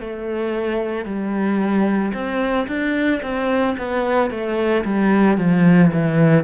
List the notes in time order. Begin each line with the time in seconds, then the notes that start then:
0.00 A3
1.05 G3
2.14 C4
2.68 D4
3.22 C4
3.78 B3
4.30 A3
4.85 G3
5.38 F3
5.93 E3